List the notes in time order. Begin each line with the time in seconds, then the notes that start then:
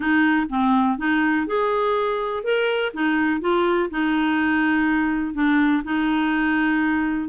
0.00 D#4
0.49 C4
0.98 D#4
1.47 G#4
2.43 A#4
2.93 D#4
3.40 F4
3.90 D#4
5.33 D4
5.84 D#4